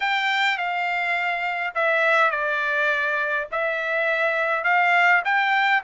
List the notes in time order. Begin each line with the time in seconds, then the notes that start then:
0.00 G5
0.57 F5
1.74 E5
2.31 D5
3.51 E5
4.64 F5
5.24 G5